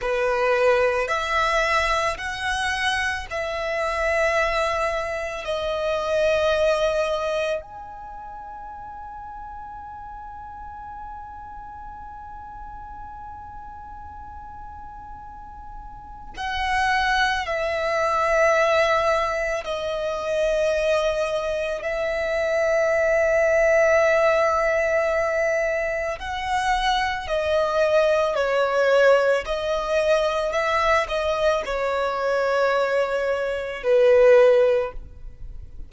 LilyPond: \new Staff \with { instrumentName = "violin" } { \time 4/4 \tempo 4 = 55 b'4 e''4 fis''4 e''4~ | e''4 dis''2 gis''4~ | gis''1~ | gis''2. fis''4 |
e''2 dis''2 | e''1 | fis''4 dis''4 cis''4 dis''4 | e''8 dis''8 cis''2 b'4 | }